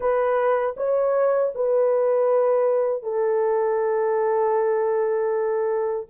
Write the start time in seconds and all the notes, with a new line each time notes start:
0.00 B4
0.76 C#5
1.54 B4
3.02 A4